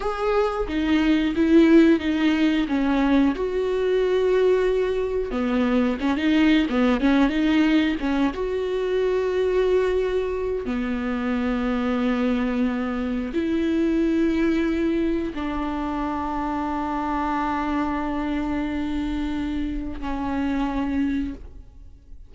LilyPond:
\new Staff \with { instrumentName = "viola" } { \time 4/4 \tempo 4 = 90 gis'4 dis'4 e'4 dis'4 | cis'4 fis'2. | b4 cis'16 dis'8. b8 cis'8 dis'4 | cis'8 fis'2.~ fis'8 |
b1 | e'2. d'4~ | d'1~ | d'2 cis'2 | }